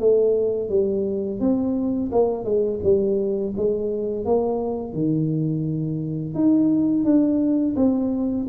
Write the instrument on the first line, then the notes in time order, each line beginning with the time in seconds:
tuba
0.00 A3
0.70 G3
1.40 C4
2.12 A#3
2.45 G#3
2.84 G3
3.57 G#3
4.25 A#3
4.93 D#3
6.35 D#4
7.05 D4
7.76 C4